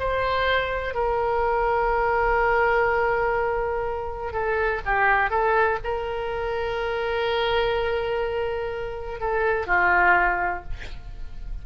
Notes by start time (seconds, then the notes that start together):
0.00 C5
0.95 A#4
4.33 A4
4.86 G4
5.30 A4
5.84 A#4
9.20 A4
9.67 F4